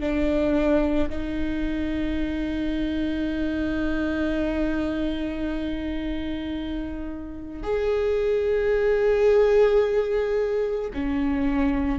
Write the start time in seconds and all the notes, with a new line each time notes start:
0.00 D4
1.09 D#4
7.63 G#4
10.94 C#4